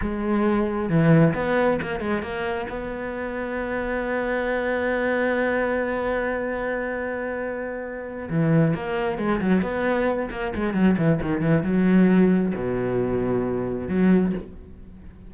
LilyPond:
\new Staff \with { instrumentName = "cello" } { \time 4/4 \tempo 4 = 134 gis2 e4 b4 | ais8 gis8 ais4 b2~ | b1~ | b1~ |
b2~ b8 e4 ais8~ | ais8 gis8 fis8 b4. ais8 gis8 | fis8 e8 dis8 e8 fis2 | b,2. fis4 | }